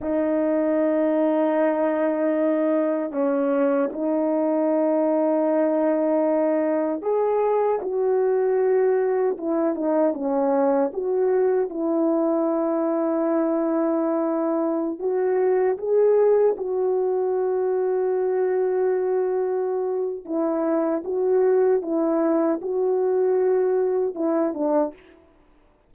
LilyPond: \new Staff \with { instrumentName = "horn" } { \time 4/4 \tempo 4 = 77 dis'1 | cis'4 dis'2.~ | dis'4 gis'4 fis'2 | e'8 dis'8 cis'4 fis'4 e'4~ |
e'2.~ e'16 fis'8.~ | fis'16 gis'4 fis'2~ fis'8.~ | fis'2 e'4 fis'4 | e'4 fis'2 e'8 d'8 | }